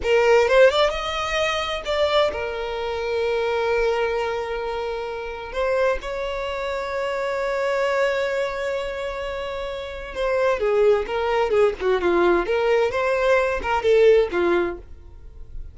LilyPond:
\new Staff \with { instrumentName = "violin" } { \time 4/4 \tempo 4 = 130 ais'4 c''8 d''8 dis''2 | d''4 ais'2.~ | ais'1 | c''4 cis''2.~ |
cis''1~ | cis''2 c''4 gis'4 | ais'4 gis'8 fis'8 f'4 ais'4 | c''4. ais'8 a'4 f'4 | }